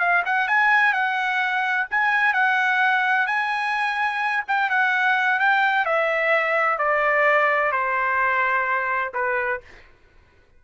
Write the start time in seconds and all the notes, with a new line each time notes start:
0.00 F5
0.26 F#5
0.48 G#5
0.93 F#5
1.91 G#5
2.34 F#5
3.27 G#5
4.48 G5
4.70 F#5
5.40 G5
5.86 E5
6.79 D5
7.72 C5
9.14 B4